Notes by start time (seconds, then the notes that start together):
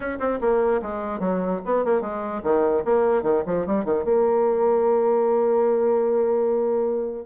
0.00 C#4
0.19 C4
0.41 A#3
0.81 G#3
1.19 F#3
1.65 B3
1.84 A#3
2.01 G#3
2.43 D#3
2.84 A#3
3.22 D#3
3.46 F3
3.66 G3
3.84 D#3
4.04 A#3